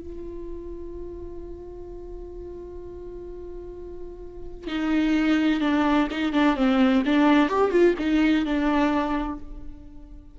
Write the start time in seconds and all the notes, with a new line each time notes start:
0.00 F4
4.68 D#4
5.61 D4
6.11 D#4
6.33 D4
6.56 C4
7.06 D4
7.49 G4
7.71 F4
7.99 D#4
8.46 D4